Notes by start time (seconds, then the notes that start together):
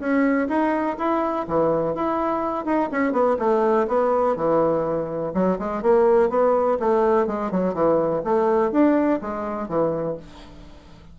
0.00 C#4
0.49 D#4
0.99 E4
1.48 E3
1.95 E4
2.65 D#4
2.92 C#4
3.13 B3
3.39 A3
3.88 B3
4.37 E3
5.34 F#3
5.59 G#3
5.83 A#3
6.30 B3
6.80 A3
7.27 G#3
7.52 F#3
7.74 E3
8.25 A3
8.72 D4
9.22 G#3
9.69 E3